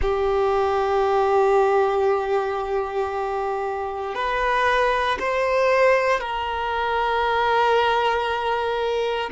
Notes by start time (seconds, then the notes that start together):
0.01 G4
4.14 B4
5.19 C5
6.20 A#4